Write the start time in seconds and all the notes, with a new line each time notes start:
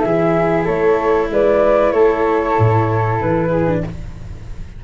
0.00 E3 E4 G#4 E5
0.65 A3 A4 C#5
1.30 G#3 B4 D5
1.92 A3 A4 C#5
2.59 A2
3.21 E3 B4
3.49 G#4
3.68 D4